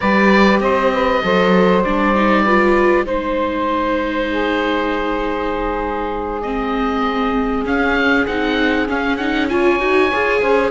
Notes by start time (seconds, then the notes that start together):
0.00 G3 G4 B4 D5
0.60 C4 C5 D#5
0.93 B4
1.23 F#3 A4 C5
1.83 G3 D4 D5
2.15 D#4
2.43 F4 B4
3.05 G#3 D#4 C5
4.29 G#4
6.41 C4 D#5
7.64 C#4 F5
8.26 C4 D#4 F#5
8.87 C#4 F5
9.16 D#4 F#5
9.48 F4 C#5 G#5
9.79 D#4 F#4
10.12 F4 G#4
10.40 C#4 C5